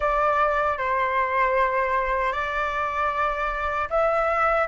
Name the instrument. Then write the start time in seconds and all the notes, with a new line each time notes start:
flute
0.00 D5
0.78 C5
2.32 D5
3.90 E5